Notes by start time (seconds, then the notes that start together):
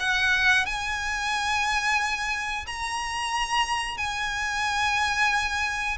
0.00 F#5
0.66 G#5
2.67 A#5
3.98 G#5